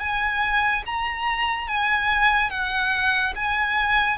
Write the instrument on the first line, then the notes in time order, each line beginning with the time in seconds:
violin
0.00 G#5
0.86 A#5
1.67 G#5
2.50 F#5
3.35 G#5